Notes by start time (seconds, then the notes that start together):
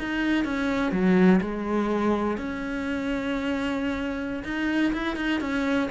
0.00 D#4
0.45 C#4
0.92 F#3
1.41 G#3
2.38 C#4
4.45 D#4
4.93 E4
5.17 D#4
5.41 C#4